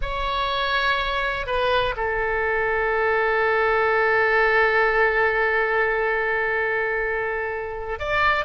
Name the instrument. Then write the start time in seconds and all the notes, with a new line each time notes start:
oboe
0.01 C#5
1.46 B4
1.96 A4
7.99 D5